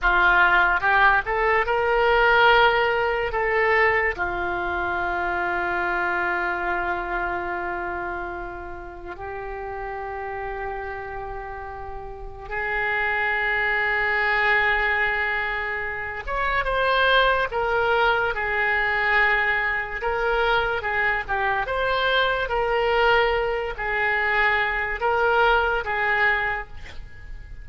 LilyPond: \new Staff \with { instrumentName = "oboe" } { \time 4/4 \tempo 4 = 72 f'4 g'8 a'8 ais'2 | a'4 f'2.~ | f'2. g'4~ | g'2. gis'4~ |
gis'2.~ gis'8 cis''8 | c''4 ais'4 gis'2 | ais'4 gis'8 g'8 c''4 ais'4~ | ais'8 gis'4. ais'4 gis'4 | }